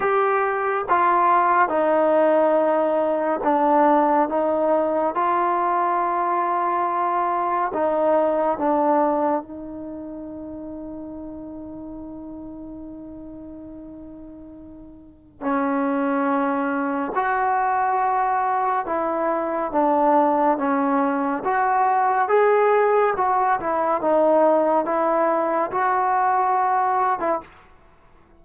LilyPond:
\new Staff \with { instrumentName = "trombone" } { \time 4/4 \tempo 4 = 70 g'4 f'4 dis'2 | d'4 dis'4 f'2~ | f'4 dis'4 d'4 dis'4~ | dis'1~ |
dis'2 cis'2 | fis'2 e'4 d'4 | cis'4 fis'4 gis'4 fis'8 e'8 | dis'4 e'4 fis'4.~ fis'16 e'16 | }